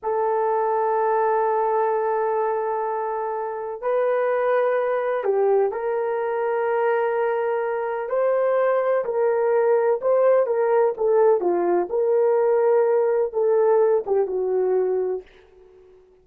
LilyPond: \new Staff \with { instrumentName = "horn" } { \time 4/4 \tempo 4 = 126 a'1~ | a'1 | b'2. g'4 | ais'1~ |
ais'4 c''2 ais'4~ | ais'4 c''4 ais'4 a'4 | f'4 ais'2. | a'4. g'8 fis'2 | }